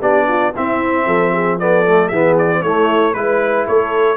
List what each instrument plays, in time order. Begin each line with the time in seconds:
0.00 tuba B3, trombone D4, horn G4, trumpet D5
0.28 horn F4
0.54 trombone C4, tuba C4, horn E4, trumpet E5
1.05 tuba F3, horn A4
1.32 horn G#4
1.59 trombone B3, horn A4, trumpet D5
1.86 trombone A3
2.07 tuba E3, trombone B3, horn G#4, trumpet E5
2.38 trumpet D5
2.62 tuba A3, trombone A3, horn E4, trumpet C#5
3.14 tuba G#3, trombone E4, trumpet B4, horn B4
3.67 tuba A3, horn A4, trumpet C#5